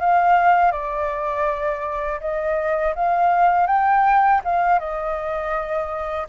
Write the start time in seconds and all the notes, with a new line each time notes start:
0.00 F5
0.71 D5
2.20 D#5
2.95 F5
3.67 G5
4.44 F5
4.79 D#5